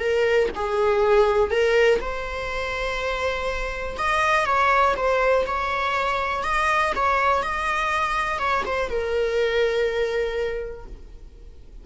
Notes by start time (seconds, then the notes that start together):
0.00 A#4
0.55 G#4
1.51 A#4
2.01 C5
3.98 D#5
4.46 C#5
4.97 C5
5.47 C#5
6.44 D#5
6.96 C#5
7.43 D#5
8.39 C#5
8.66 C5
8.90 A#4